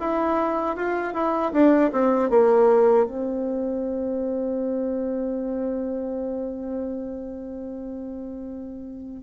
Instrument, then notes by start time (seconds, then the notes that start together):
bassoon
0.00 E4
0.76 F4
1.14 E4
1.52 D4
1.92 C4
2.30 A#3
3.06 C4